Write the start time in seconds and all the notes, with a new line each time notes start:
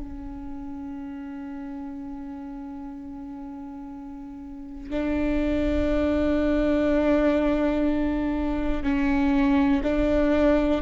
0.00 C#4
4.91 D4
8.83 C#4
9.84 D4